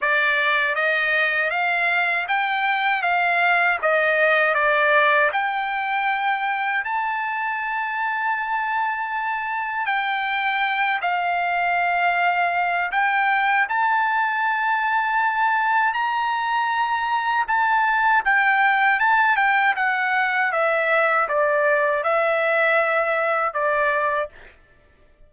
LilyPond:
\new Staff \with { instrumentName = "trumpet" } { \time 4/4 \tempo 4 = 79 d''4 dis''4 f''4 g''4 | f''4 dis''4 d''4 g''4~ | g''4 a''2.~ | a''4 g''4. f''4.~ |
f''4 g''4 a''2~ | a''4 ais''2 a''4 | g''4 a''8 g''8 fis''4 e''4 | d''4 e''2 d''4 | }